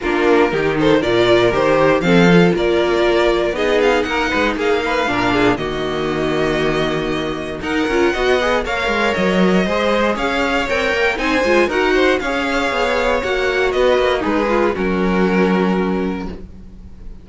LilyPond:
<<
  \new Staff \with { instrumentName = "violin" } { \time 4/4 \tempo 4 = 118 ais'4. c''8 d''4 c''4 | f''4 d''2 dis''8 f''8 | fis''4 f''2 dis''4~ | dis''2. fis''4~ |
fis''4 f''4 dis''2 | f''4 g''4 gis''4 fis''4 | f''2 fis''4 dis''4 | b'4 ais'2. | }
  \new Staff \with { instrumentName = "violin" } { \time 4/4 f'4 g'8 a'8 ais'2 | a'4 ais'2 gis'4 | ais'8 b'8 gis'8 b'8 ais'8 gis'8 fis'4~ | fis'2. ais'4 |
dis''4 cis''2 c''4 | cis''2 c''4 ais'8 c''8 | cis''2. b'4 | dis'8 f'8 fis'2. | }
  \new Staff \with { instrumentName = "viola" } { \time 4/4 d'4 dis'4 f'4 g'4 | c'8 f'2~ f'8 dis'4~ | dis'2 d'4 ais4~ | ais2. dis'8 f'8 |
fis'8 gis'8 ais'2 gis'4~ | gis'4 ais'4 dis'8 f'8 fis'4 | gis'2 fis'2 | gis'4 cis'2. | }
  \new Staff \with { instrumentName = "cello" } { \time 4/4 ais4 dis4 ais,4 dis4 | f4 ais2 b4 | ais8 gis8 ais4 ais,4 dis4~ | dis2. dis'8 cis'8 |
b4 ais8 gis8 fis4 gis4 | cis'4 c'8 ais8 c'8 gis8 dis'4 | cis'4 b4 ais4 b8 ais8 | gis4 fis2. | }
>>